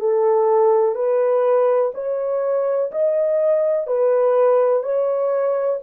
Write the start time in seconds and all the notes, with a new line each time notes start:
0.00 A4
0.95 B4
1.94 C#5
2.91 D#5
3.87 B4
4.83 C#5